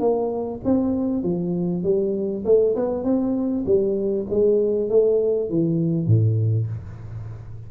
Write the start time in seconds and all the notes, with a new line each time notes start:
0.00 A#3
0.65 C4
1.23 F3
1.84 G3
2.45 A3
2.76 B3
3.04 C4
3.66 G3
4.30 G#3
4.90 A3
5.50 E3
6.07 A2